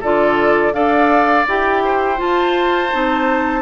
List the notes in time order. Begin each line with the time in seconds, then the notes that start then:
0.00 D3 F4 A4 D5
0.73 D4 A4 D5 F5
1.47 E4 G4 G5
1.84 C5
2.17 F4 A5
2.92 C4 D#4